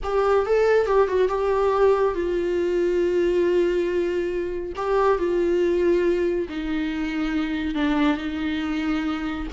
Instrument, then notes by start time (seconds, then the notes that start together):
viola
0.03 G4
0.46 A4
0.86 G4
1.07 F#4
1.28 G4
2.14 F4
4.76 G4
5.18 F4
6.48 D#4
7.74 D4
8.17 D#4